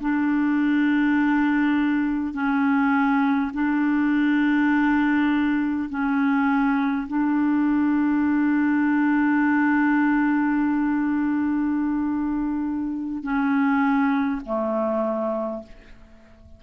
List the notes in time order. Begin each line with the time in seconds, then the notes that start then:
0.00 D4
2.33 C#4
3.53 D4
5.89 C#4
7.07 D4
13.23 C#4
14.45 A3